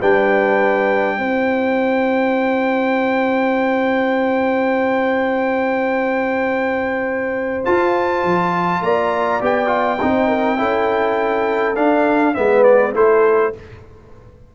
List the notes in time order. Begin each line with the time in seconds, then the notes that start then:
0.00 G3 D4 B4 G5
1.18 C4 E4 C5
7.65 F4 A5
8.24 F3
8.82 A#3 D5 A#5
9.41 B3 G4 G5
9.67 F4
10.02 C4 D#4 C5
10.28 A#4
10.58 C#4 E4 A4
11.76 D4 F5
12.35 G#3 B3 B4 E5
12.64 D5
12.94 A3 E4 A4 C5